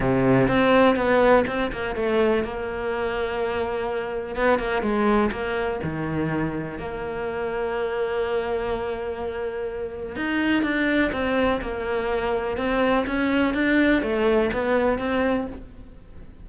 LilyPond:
\new Staff \with { instrumentName = "cello" } { \time 4/4 \tempo 4 = 124 c4 c'4 b4 c'8 ais8 | a4 ais2.~ | ais4 b8 ais8 gis4 ais4 | dis2 ais2~ |
ais1~ | ais4 dis'4 d'4 c'4 | ais2 c'4 cis'4 | d'4 a4 b4 c'4 | }